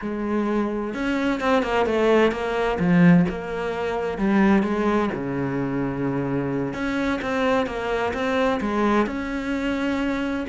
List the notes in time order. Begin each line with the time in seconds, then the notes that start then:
0.01 G#3
0.94 C#4
1.40 C4
1.63 A#3
1.86 A3
2.31 A#3
2.79 F3
3.29 A#3
4.18 G3
4.63 G#3
5.14 C#3
6.73 C#4
7.21 C4
7.66 A#3
8.13 C4
8.60 G#3
9.06 C#4